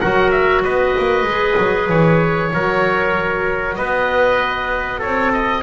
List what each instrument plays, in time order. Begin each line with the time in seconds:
0.00 double bass F#3, clarinet F#4, trumpet A#4, oboe F#5
0.31 oboe E5
0.64 double bass B3, trumpet B4, oboe D#5
0.98 double bass A#3
1.23 double bass G#3, clarinet G#4
1.57 double bass F#3
1.89 double bass E3, oboe C#5
2.52 double bass F#3, clarinet F#4, trumpet A#4
3.75 double bass B3, trumpet B4, oboe D#5
4.99 double bass C4, trumpet A4, oboe C#5
5.32 oboe D#5